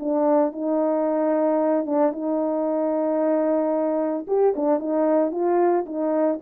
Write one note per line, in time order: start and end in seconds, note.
0.00 0.52 D4
0.52 1.86 D#4
1.86 2.12 D4
2.12 4.26 D#4
4.28 4.54 G4
4.56 4.79 D4
4.79 5.32 D#4
5.32 5.85 F4
5.86 6.39 D#4